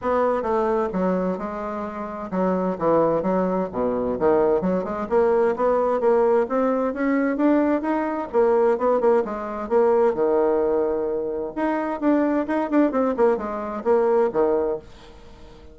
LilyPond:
\new Staff \with { instrumentName = "bassoon" } { \time 4/4 \tempo 4 = 130 b4 a4 fis4 gis4~ | gis4 fis4 e4 fis4 | b,4 dis4 fis8 gis8 ais4 | b4 ais4 c'4 cis'4 |
d'4 dis'4 ais4 b8 ais8 | gis4 ais4 dis2~ | dis4 dis'4 d'4 dis'8 d'8 | c'8 ais8 gis4 ais4 dis4 | }